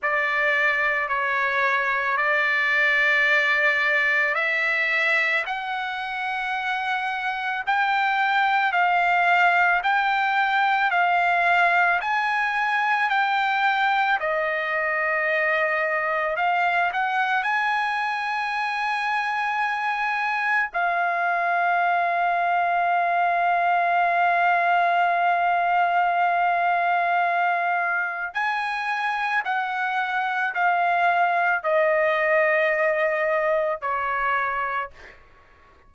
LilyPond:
\new Staff \with { instrumentName = "trumpet" } { \time 4/4 \tempo 4 = 55 d''4 cis''4 d''2 | e''4 fis''2 g''4 | f''4 g''4 f''4 gis''4 | g''4 dis''2 f''8 fis''8 |
gis''2. f''4~ | f''1~ | f''2 gis''4 fis''4 | f''4 dis''2 cis''4 | }